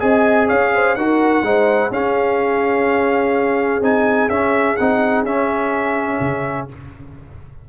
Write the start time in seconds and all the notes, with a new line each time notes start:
0.00 C4 G#4 D#5 G#5
0.48 C#4 C#5 F5
0.74 C5
0.96 D#4 F#4 A#4 F#5
1.42 G#3 D#4 C5
1.91 C#4 G#4 F5
3.81 C4 D#4 G#5
4.29 C#4 E5
4.77 C4 D#4 F#5
5.23 C#4 E5
6.20 C#3